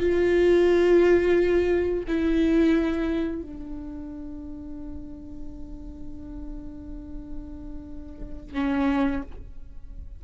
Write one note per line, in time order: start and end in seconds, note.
0.00 2.05 F4
2.08 3.42 E4
3.42 8.54 D4
8.54 9.22 C#4